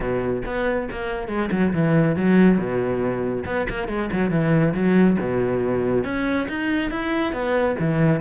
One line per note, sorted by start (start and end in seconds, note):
0.00 0.42 B2
0.45 0.88 B3
0.91 1.28 A#3
1.28 1.49 G#3
1.51 1.72 F#3
1.73 2.16 E3
2.16 2.58 F#3
2.58 3.44 B2
3.45 3.67 B3
3.69 3.88 A#3
3.88 4.09 G#3
4.12 4.30 F#3
4.30 4.73 E3
4.74 5.17 F#3
5.20 6.04 B2
6.04 6.47 C#4
6.48 6.90 D#4
6.90 7.32 E4
7.32 7.76 B3
7.79 8.20 E3